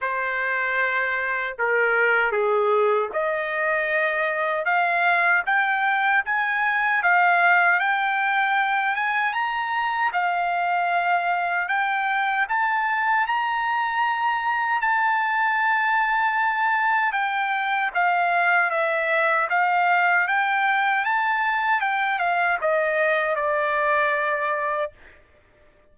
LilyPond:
\new Staff \with { instrumentName = "trumpet" } { \time 4/4 \tempo 4 = 77 c''2 ais'4 gis'4 | dis''2 f''4 g''4 | gis''4 f''4 g''4. gis''8 | ais''4 f''2 g''4 |
a''4 ais''2 a''4~ | a''2 g''4 f''4 | e''4 f''4 g''4 a''4 | g''8 f''8 dis''4 d''2 | }